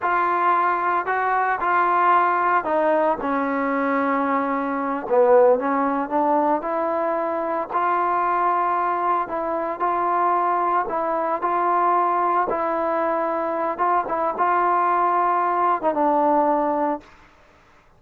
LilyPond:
\new Staff \with { instrumentName = "trombone" } { \time 4/4 \tempo 4 = 113 f'2 fis'4 f'4~ | f'4 dis'4 cis'2~ | cis'4. b4 cis'4 d'8~ | d'8 e'2 f'4.~ |
f'4. e'4 f'4.~ | f'8 e'4 f'2 e'8~ | e'2 f'8 e'8 f'4~ | f'4.~ f'16 dis'16 d'2 | }